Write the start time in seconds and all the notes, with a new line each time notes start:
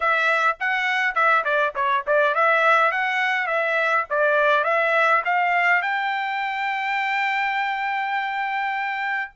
0.00 E5
0.60 F#5
1.14 E5
1.44 D5
1.75 C#5
2.06 D5
2.35 E5
2.91 F#5
3.47 E5
4.10 D5
4.64 E5
5.25 F5
5.82 G5